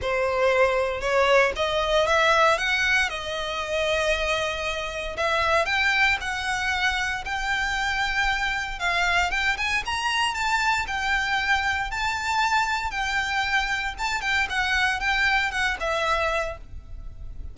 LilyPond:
\new Staff \with { instrumentName = "violin" } { \time 4/4 \tempo 4 = 116 c''2 cis''4 dis''4 | e''4 fis''4 dis''2~ | dis''2 e''4 g''4 | fis''2 g''2~ |
g''4 f''4 g''8 gis''8 ais''4 | a''4 g''2 a''4~ | a''4 g''2 a''8 g''8 | fis''4 g''4 fis''8 e''4. | }